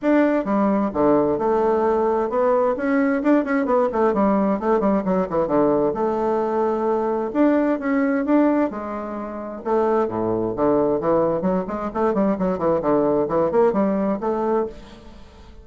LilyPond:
\new Staff \with { instrumentName = "bassoon" } { \time 4/4 \tempo 4 = 131 d'4 g4 d4 a4~ | a4 b4 cis'4 d'8 cis'8 | b8 a8 g4 a8 g8 fis8 e8 | d4 a2. |
d'4 cis'4 d'4 gis4~ | gis4 a4 a,4 d4 | e4 fis8 gis8 a8 g8 fis8 e8 | d4 e8 ais8 g4 a4 | }